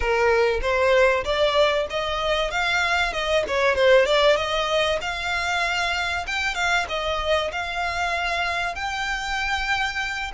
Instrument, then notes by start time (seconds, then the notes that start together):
violin
0.00 A#4
0.61 C5
1.24 D5
1.89 D#5
2.51 F5
3.12 D#5
3.47 C#5
3.75 C5
4.05 D5
4.36 D#5
5.01 F5
6.27 G5
6.55 F5
6.88 D#5
7.51 F5
8.75 G5